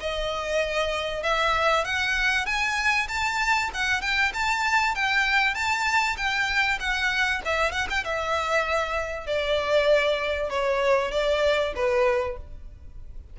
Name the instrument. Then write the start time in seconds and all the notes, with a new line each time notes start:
violin
0.00 D#5
1.23 E5
1.84 F#5
2.46 G#5
3.08 A5
3.74 F#5
4.01 G5
4.34 A5
4.95 G5
5.54 A5
6.17 G5
6.80 F#5
7.45 E5
7.72 F#5
7.90 G5
8.04 E5
9.27 D5
10.50 C#5
11.11 D5
11.75 B4